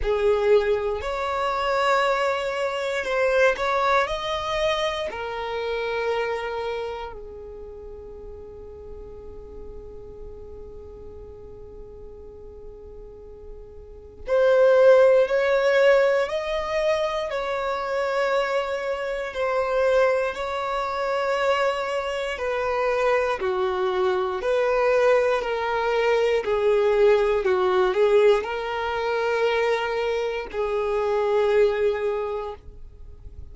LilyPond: \new Staff \with { instrumentName = "violin" } { \time 4/4 \tempo 4 = 59 gis'4 cis''2 c''8 cis''8 | dis''4 ais'2 gis'4~ | gis'1~ | gis'2 c''4 cis''4 |
dis''4 cis''2 c''4 | cis''2 b'4 fis'4 | b'4 ais'4 gis'4 fis'8 gis'8 | ais'2 gis'2 | }